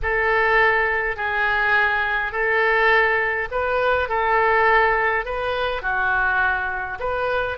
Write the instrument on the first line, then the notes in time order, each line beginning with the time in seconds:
oboe
0.02 A4
1.16 G#4
2.32 A4
3.51 B4
4.08 A4
5.25 B4
5.81 F#4
6.99 B4